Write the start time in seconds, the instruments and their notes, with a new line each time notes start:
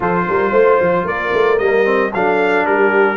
0.00 tuba F3, trombone F4, horn A4, trumpet C5
0.28 tuba G3, horn A#4
0.50 tuba A3, horn C5
0.80 tuba F3
1.04 tuba A#3, horn A#4, trumpet D5
1.33 tuba A3
1.58 tuba G3, trombone A#3, trumpet D#5
1.84 trombone C4
2.14 tuba F#3, trombone D4, horn A4, trumpet F5
2.66 tuba G3, horn G4, trumpet A#4